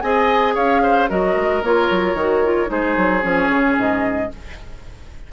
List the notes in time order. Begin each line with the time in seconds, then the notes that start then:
0.00 C4 G#4 D#5 G#5
0.54 C#4 C#5 F5
0.83 C5
1.08 F#3 F#4 A#4 D#5
1.36 G#3
1.62 A#3 F4 C#5
1.90 F#3
2.14 D#3 F#4
2.44 F4
2.66 G#3 D#4 G#4 C5
2.97 F#3
3.21 F3 C#4 C#5
3.48 C#3
3.77 G#2 D#5